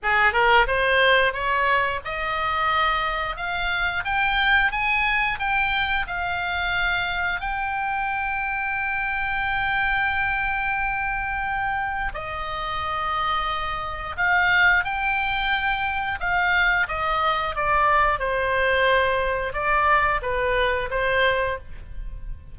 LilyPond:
\new Staff \with { instrumentName = "oboe" } { \time 4/4 \tempo 4 = 89 gis'8 ais'8 c''4 cis''4 dis''4~ | dis''4 f''4 g''4 gis''4 | g''4 f''2 g''4~ | g''1~ |
g''2 dis''2~ | dis''4 f''4 g''2 | f''4 dis''4 d''4 c''4~ | c''4 d''4 b'4 c''4 | }